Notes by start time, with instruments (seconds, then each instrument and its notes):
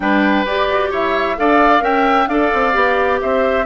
0.00 bassoon G3, clarinet D4, oboe B4, flute G5
0.44 bassoon G4, clarinet G4, flute D5
0.70 bassoon F#4
0.90 bassoon E4, oboe C#5, flute E5
1.36 bassoon D4, clarinet A4, oboe D5, flute F5
1.80 bassoon C#4, clarinet A#4, oboe E5, flute G5
2.27 bassoon D4, clarinet A4, oboe D5, flute F5
2.53 bassoon C4
2.72 bassoon B3, clarinet G4
3.21 bassoon C4, oboe C5, flute E5